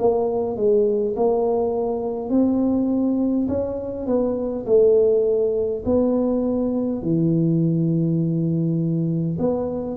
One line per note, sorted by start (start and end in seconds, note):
0.00 0.57 A#3
0.57 1.16 G#3
1.17 2.30 A#3
2.30 3.48 C4
3.49 4.07 C#4
4.07 4.66 B3
4.67 5.84 A3
5.86 7.03 B3
7.03 9.38 E3
9.40 9.97 B3